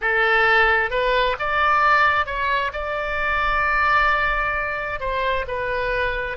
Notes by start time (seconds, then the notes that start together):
0.01 A4
0.90 B4
1.39 D5
2.26 C#5
2.72 D5
5.00 C5
5.47 B4